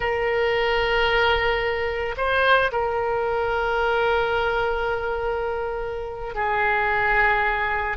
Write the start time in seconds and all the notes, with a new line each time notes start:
0.00 A#4
2.17 C5
2.71 A#4
6.34 G#4